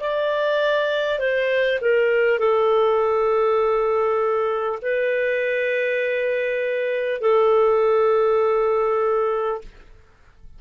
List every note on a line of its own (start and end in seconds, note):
0.00 1.19 D5
1.19 1.79 C5
1.81 2.39 A#4
2.39 4.79 A4
4.82 7.21 B4
7.21 9.61 A4